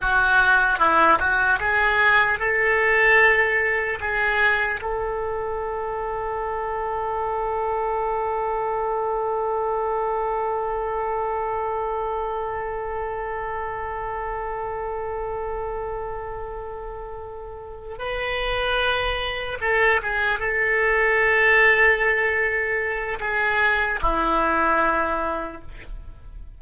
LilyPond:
\new Staff \with { instrumentName = "oboe" } { \time 4/4 \tempo 4 = 75 fis'4 e'8 fis'8 gis'4 a'4~ | a'4 gis'4 a'2~ | a'1~ | a'1~ |
a'1~ | a'2~ a'8 b'4.~ | b'8 a'8 gis'8 a'2~ a'8~ | a'4 gis'4 e'2 | }